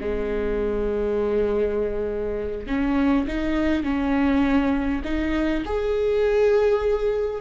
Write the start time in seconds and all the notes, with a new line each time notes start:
0.00 G#3
2.67 C#4
3.27 D#4
3.83 C#4
5.04 D#4
5.65 G#4